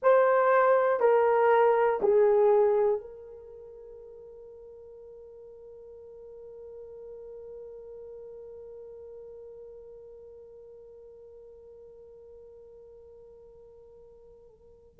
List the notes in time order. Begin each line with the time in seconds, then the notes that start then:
0.02 C5
1.00 A#4
2.02 G#4
3.00 A#4